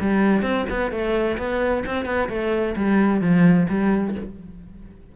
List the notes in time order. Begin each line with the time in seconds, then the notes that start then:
0.00 G3
0.42 C4
0.70 B3
0.91 A3
1.37 B3
1.86 C4
2.05 B3
2.29 A3
2.76 G3
3.21 F3
3.69 G3